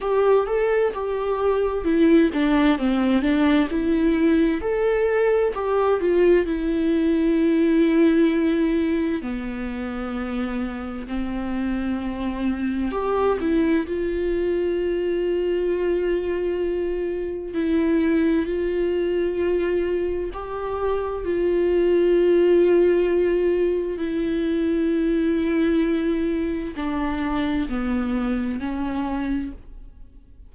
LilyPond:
\new Staff \with { instrumentName = "viola" } { \time 4/4 \tempo 4 = 65 g'8 a'8 g'4 e'8 d'8 c'8 d'8 | e'4 a'4 g'8 f'8 e'4~ | e'2 b2 | c'2 g'8 e'8 f'4~ |
f'2. e'4 | f'2 g'4 f'4~ | f'2 e'2~ | e'4 d'4 b4 cis'4 | }